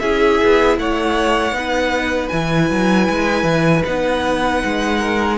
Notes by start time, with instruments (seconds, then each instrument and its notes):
0.00 cello C#4, viola E4, violin G#4 E5
0.44 cello B3
0.78 cello A3, violin C#5 F#5
1.52 cello B3, viola D#4
1.58 violin B4
2.29 cello E3, viola E4, violin G#5
2.71 cello F#3
3.10 cello G#3
3.44 cello E3
3.85 cello B3, viola D#4, violin F#5
4.64 cello G#3
4.99 violin A#4